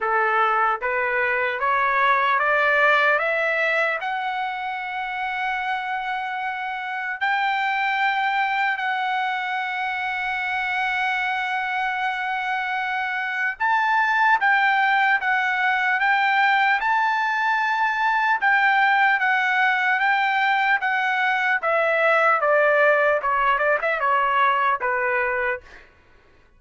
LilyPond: \new Staff \with { instrumentName = "trumpet" } { \time 4/4 \tempo 4 = 75 a'4 b'4 cis''4 d''4 | e''4 fis''2.~ | fis''4 g''2 fis''4~ | fis''1~ |
fis''4 a''4 g''4 fis''4 | g''4 a''2 g''4 | fis''4 g''4 fis''4 e''4 | d''4 cis''8 d''16 e''16 cis''4 b'4 | }